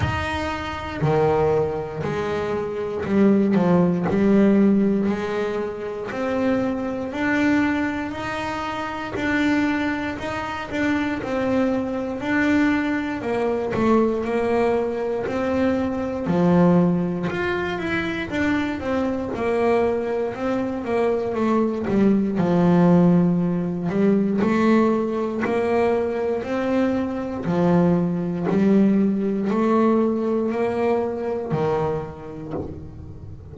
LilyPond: \new Staff \with { instrumentName = "double bass" } { \time 4/4 \tempo 4 = 59 dis'4 dis4 gis4 g8 f8 | g4 gis4 c'4 d'4 | dis'4 d'4 dis'8 d'8 c'4 | d'4 ais8 a8 ais4 c'4 |
f4 f'8 e'8 d'8 c'8 ais4 | c'8 ais8 a8 g8 f4. g8 | a4 ais4 c'4 f4 | g4 a4 ais4 dis4 | }